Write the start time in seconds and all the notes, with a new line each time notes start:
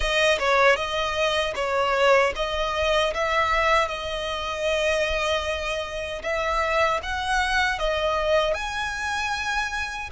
0.00 D#5
0.39 C#5
0.75 D#5
1.55 C#5
2.35 D#5
3.14 E5
3.87 D#5
6.22 E5
7.03 F#5
7.79 D#5
8.54 G#5